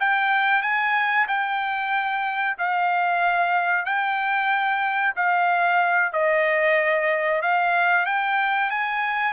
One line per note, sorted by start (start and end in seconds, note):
0.00 0.62 G5
0.62 1.27 G#5
1.28 2.57 G5
2.58 3.85 F5
3.85 5.14 G5
5.16 6.13 F5
6.13 7.42 D#5
7.42 8.06 F5
8.06 8.70 G5
8.70 9.33 G#5